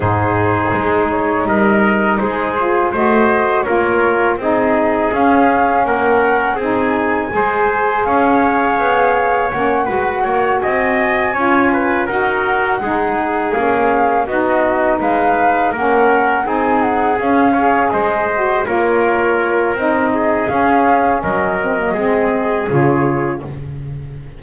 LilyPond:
<<
  \new Staff \with { instrumentName = "flute" } { \time 4/4 \tempo 4 = 82 c''4. cis''8 dis''4 c''4 | dis''4 cis''4 dis''4 f''4 | fis''4 gis''2 f''4~ | f''4 fis''4. gis''4.~ |
gis''8 fis''2 f''4 dis''8~ | dis''8 f''4 fis''4 gis''8 fis''8 f''8~ | f''8 dis''4 cis''4. dis''4 | f''4 dis''2 cis''4 | }
  \new Staff \with { instrumentName = "trumpet" } { \time 4/4 gis'2 ais'4 gis'4 | c''4 ais'4 gis'2 | ais'4 gis'4 c''4 cis''4~ | cis''4. b'8 cis''8 dis''4 cis''8 |
b'8 ais'4 gis'2 fis'8~ | fis'8 b'4 ais'4 gis'4. | cis''8 c''4 ais'2 gis'8~ | gis'4 ais'4 gis'2 | }
  \new Staff \with { instrumentName = "saxophone" } { \time 4/4 dis'2.~ dis'8 f'8 | fis'4 f'4 dis'4 cis'4~ | cis'4 dis'4 gis'2~ | gis'4 cis'8 fis'2 f'8~ |
f'8 fis'4 dis'4 cis'4 dis'8~ | dis'4. cis'4 dis'4 cis'8 | gis'4 fis'8 f'4. dis'4 | cis'4. c'16 ais16 c'4 f'4 | }
  \new Staff \with { instrumentName = "double bass" } { \time 4/4 gis,4 gis4 g4 gis4 | a4 ais4 c'4 cis'4 | ais4 c'4 gis4 cis'4 | b4 ais8 gis8 ais8 c'4 cis'8~ |
cis'8 dis'4 gis4 ais4 b8~ | b8 gis4 ais4 c'4 cis'8~ | cis'8 gis4 ais4. c'4 | cis'4 fis4 gis4 cis4 | }
>>